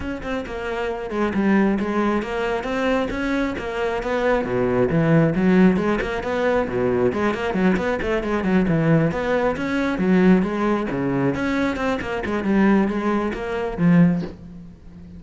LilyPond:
\new Staff \with { instrumentName = "cello" } { \time 4/4 \tempo 4 = 135 cis'8 c'8 ais4. gis8 g4 | gis4 ais4 c'4 cis'4 | ais4 b4 b,4 e4 | fis4 gis8 ais8 b4 b,4 |
gis8 ais8 fis8 b8 a8 gis8 fis8 e8~ | e8 b4 cis'4 fis4 gis8~ | gis8 cis4 cis'4 c'8 ais8 gis8 | g4 gis4 ais4 f4 | }